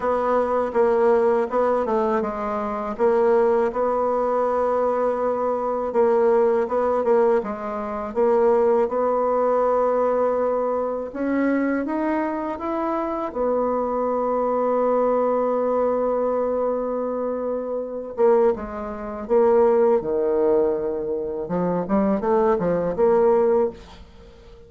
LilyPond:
\new Staff \with { instrumentName = "bassoon" } { \time 4/4 \tempo 4 = 81 b4 ais4 b8 a8 gis4 | ais4 b2. | ais4 b8 ais8 gis4 ais4 | b2. cis'4 |
dis'4 e'4 b2~ | b1~ | b8 ais8 gis4 ais4 dis4~ | dis4 f8 g8 a8 f8 ais4 | }